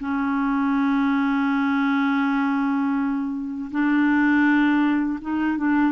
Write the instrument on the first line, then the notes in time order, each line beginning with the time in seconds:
clarinet
0.00 C#4
3.71 D4
5.22 D#4
5.58 D4